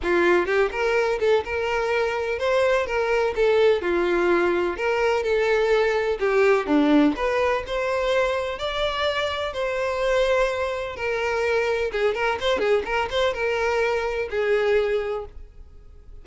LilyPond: \new Staff \with { instrumentName = "violin" } { \time 4/4 \tempo 4 = 126 f'4 g'8 ais'4 a'8 ais'4~ | ais'4 c''4 ais'4 a'4 | f'2 ais'4 a'4~ | a'4 g'4 d'4 b'4 |
c''2 d''2 | c''2. ais'4~ | ais'4 gis'8 ais'8 c''8 gis'8 ais'8 c''8 | ais'2 gis'2 | }